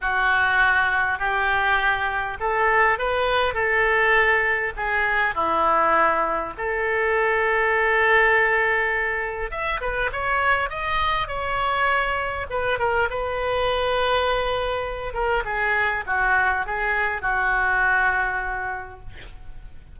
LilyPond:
\new Staff \with { instrumentName = "oboe" } { \time 4/4 \tempo 4 = 101 fis'2 g'2 | a'4 b'4 a'2 | gis'4 e'2 a'4~ | a'1 |
e''8 b'8 cis''4 dis''4 cis''4~ | cis''4 b'8 ais'8 b'2~ | b'4. ais'8 gis'4 fis'4 | gis'4 fis'2. | }